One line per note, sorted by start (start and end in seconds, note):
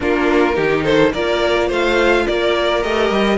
0.00 0.57 A#3
0.00 0.52 D4
0.00 0.55 F4
0.00 0.84 A#4
0.53 1.13 D#3
0.53 1.10 D#4
0.53 0.83 G4
0.83 1.11 A4
0.83 1.12 C5
1.13 1.70 A#3
1.13 2.83 F4
1.13 1.67 A#4
1.13 1.69 D5
1.67 2.27 A3
1.67 2.24 C5
1.67 2.27 F5
2.27 2.83 A#3
2.27 3.37 A#4
2.27 2.82 D5
2.82 3.09 A3
2.82 3.37 G4
2.82 3.37 D#5
3.09 3.37 G3